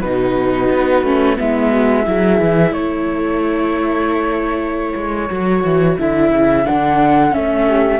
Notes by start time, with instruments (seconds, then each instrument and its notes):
0.00 cello B2, viola D#4, horn F#4, flute B4
0.70 cello B3
1.03 cello A3, viola C#4
1.36 cello G#3, viola B3, horn E4, flute E5
1.71 horn F#4
2.05 cello F#3, viola E4, horn G#4
2.41 cello E3
2.71 cello A3, horn A4, flute C#5
4.95 cello G#3
5.30 cello F#3, viola F#4
5.63 cello E3
5.98 cello D3, viola E4, flute E5
6.31 cello C#3
6.65 cello D3, viola D4, flute F#5
7.31 cello A3, viola C#4, flute E5
7.67 horn G4